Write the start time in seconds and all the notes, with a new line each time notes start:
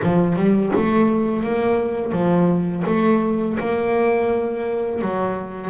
0.02 F3
0.36 G3
0.75 A3
1.43 A#3
2.12 F3
2.86 A3
3.59 A#3
5.01 F#3